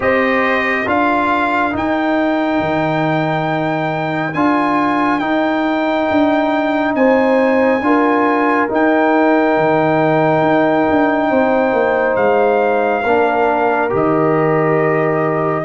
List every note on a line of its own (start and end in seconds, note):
0.00 0.86 C4
0.00 0.86 G4
0.00 0.86 C5
0.00 0.88 D#5
0.86 1.73 D4
0.86 1.71 F4
0.86 6.95 A#4
0.86 1.75 F5
1.71 4.32 D#4
1.71 2.60 D#4
1.71 4.33 G5
2.60 4.34 D#3
4.33 5.20 D4
4.33 5.20 F4
4.33 5.18 G#5
5.18 7.80 D#4
5.18 6.07 D#4
5.18 6.92 G5
6.10 6.94 D4
6.94 7.80 C4
6.94 7.83 C5
6.94 8.69 G#5
7.80 8.67 D4
7.80 8.68 F4
7.80 11.29 A#4
8.68 13.03 D#4
8.68 9.57 D#4
8.68 12.16 G5
9.57 10.41 D#3
10.41 10.85 D#4
10.89 11.30 D4
11.29 11.72 C4
11.29 13.02 C5
11.72 12.16 A#3
12.16 13.03 G#3
12.16 13.90 F5
13.02 13.92 A#3
13.02 13.89 D4
13.02 15.63 A#4
13.89 15.64 D#3
13.89 15.63 G4
13.89 15.64 D#5